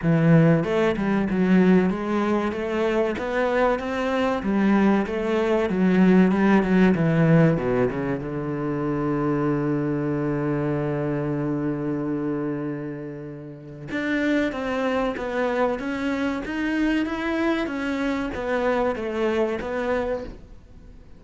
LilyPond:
\new Staff \with { instrumentName = "cello" } { \time 4/4 \tempo 4 = 95 e4 a8 g8 fis4 gis4 | a4 b4 c'4 g4 | a4 fis4 g8 fis8 e4 | b,8 cis8 d2.~ |
d1~ | d2 d'4 c'4 | b4 cis'4 dis'4 e'4 | cis'4 b4 a4 b4 | }